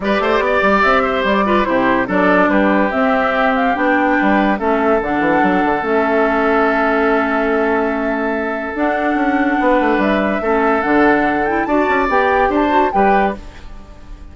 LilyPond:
<<
  \new Staff \with { instrumentName = "flute" } { \time 4/4 \tempo 4 = 144 d''2 e''4 d''4 | c''4 d''4 b'4 e''4~ | e''8 f''8 g''2 e''4 | fis''2 e''2~ |
e''1~ | e''4 fis''2. | e''2 fis''4. g''8 | a''4 g''4 a''4 g''4 | }
  \new Staff \with { instrumentName = "oboe" } { \time 4/4 b'8 c''8 d''4. c''4 b'8 | g'4 a'4 g'2~ | g'2 b'4 a'4~ | a'1~ |
a'1~ | a'2. b'4~ | b'4 a'2. | d''2 c''4 b'4 | }
  \new Staff \with { instrumentName = "clarinet" } { \time 4/4 g'2.~ g'8 f'8 | e'4 d'2 c'4~ | c'4 d'2 cis'4 | d'2 cis'2~ |
cis'1~ | cis'4 d'2.~ | d'4 cis'4 d'4. e'8 | fis'4 g'4. fis'8 g'4 | }
  \new Staff \with { instrumentName = "bassoon" } { \time 4/4 g8 a8 b8 g8 c'4 g4 | c4 fis4 g4 c'4~ | c'4 b4 g4 a4 | d8 e8 fis8 d8 a2~ |
a1~ | a4 d'4 cis'4 b8 a8 | g4 a4 d2 | d'8 cis'8 b4 d'4 g4 | }
>>